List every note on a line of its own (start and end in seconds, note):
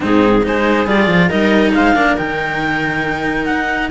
0.00 0.46 G#2
0.00 0.42 C4
0.00 0.43 D#4
0.00 0.46 G#4
0.43 0.87 G#3
0.43 0.86 D#4
0.43 1.28 G#4
0.43 0.87 C5
0.87 1.07 G3
0.87 1.30 F4
0.87 1.29 D5
1.07 1.29 F3
1.28 1.74 G3
1.28 1.95 D#4
1.28 1.72 A#4
1.28 1.72 D#5
1.73 1.95 G#3
1.73 1.95 C5
1.73 2.16 F5
1.95 2.17 A#3
1.95 2.17 D4
1.95 3.91 A#4
2.16 3.48 D#3
2.16 3.90 D#4
2.16 3.45 G5
3.45 3.91 D#4
3.45 3.88 F#5